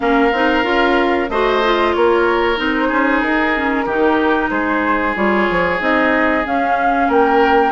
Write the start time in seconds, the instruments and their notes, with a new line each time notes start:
0.00 bassoon A#3, clarinet C#4, oboe A#4, flute F5
0.32 bassoon C4, clarinet D#4
0.63 bassoon C#4, clarinet F4
1.29 bassoon A3, clarinet F#4, oboe C5, flute D#5
1.63 clarinet F4
1.93 bassoon A#3, oboe A#4, flute C#5
2.56 bassoon C4, clarinet D#4, flute C5
2.88 bassoon C#4, oboe G#4
3.21 bassoon D#4, flute A#4
3.55 clarinet C#4
3.85 bassoon D#3, clarinet D#4, oboe G4
4.50 bassoon G#3, oboe G#4, flute C5
5.15 bassoon G3, clarinet F4, flute C#5
5.50 bassoon F3
5.79 bassoon C4, clarinet D#4, flute D#5
6.44 clarinet C#4, bassoon C#4, flute F5
7.08 bassoon A#3, oboe A#4, flute G5